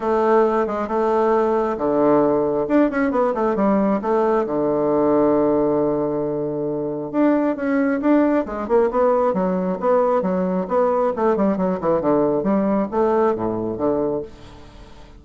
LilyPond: \new Staff \with { instrumentName = "bassoon" } { \time 4/4 \tempo 4 = 135 a4. gis8 a2 | d2 d'8 cis'8 b8 a8 | g4 a4 d2~ | d1 |
d'4 cis'4 d'4 gis8 ais8 | b4 fis4 b4 fis4 | b4 a8 g8 fis8 e8 d4 | g4 a4 a,4 d4 | }